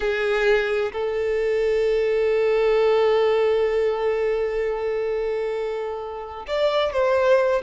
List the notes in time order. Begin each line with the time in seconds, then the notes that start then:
0.00 G#4
0.92 A4
6.47 D5
6.92 C5